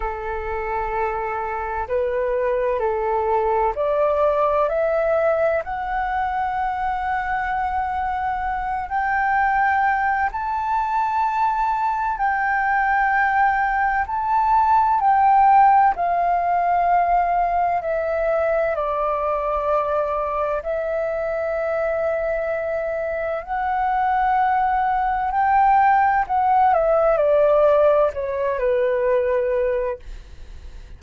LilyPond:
\new Staff \with { instrumentName = "flute" } { \time 4/4 \tempo 4 = 64 a'2 b'4 a'4 | d''4 e''4 fis''2~ | fis''4. g''4. a''4~ | a''4 g''2 a''4 |
g''4 f''2 e''4 | d''2 e''2~ | e''4 fis''2 g''4 | fis''8 e''8 d''4 cis''8 b'4. | }